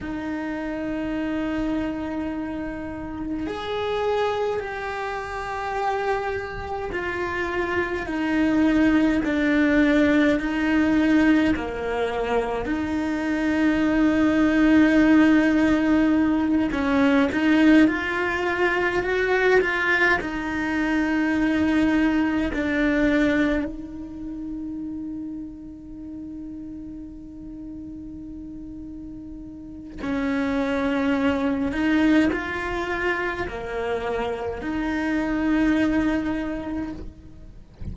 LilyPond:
\new Staff \with { instrumentName = "cello" } { \time 4/4 \tempo 4 = 52 dis'2. gis'4 | g'2 f'4 dis'4 | d'4 dis'4 ais4 dis'4~ | dis'2~ dis'8 cis'8 dis'8 f'8~ |
f'8 fis'8 f'8 dis'2 d'8~ | d'8 dis'2.~ dis'8~ | dis'2 cis'4. dis'8 | f'4 ais4 dis'2 | }